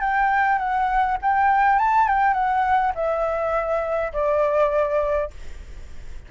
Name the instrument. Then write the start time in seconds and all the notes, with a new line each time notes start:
flute
0.00 G5
0.58 F#5
1.22 G5
1.79 A5
2.07 G5
2.33 F#5
2.94 E5
4.13 D5